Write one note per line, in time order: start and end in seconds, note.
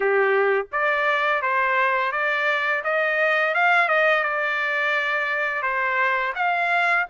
0.00 0.66 G4
0.72 1.41 D5
1.41 2.12 C5
2.12 2.82 D5
2.84 3.54 D#5
3.54 3.88 F5
3.88 4.23 D#5
4.23 5.62 D5
5.62 6.33 C5
6.35 7.06 F5